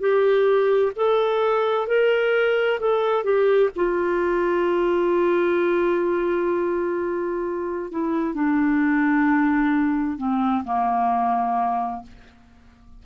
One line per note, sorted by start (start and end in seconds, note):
0.00 0.92 G4
0.96 1.87 A4
1.87 2.79 A#4
2.80 3.24 A4
3.24 3.70 G4
3.76 7.91 F4
7.91 8.34 E4
8.34 10.17 D4
10.17 10.64 C4
10.64 12.03 A#3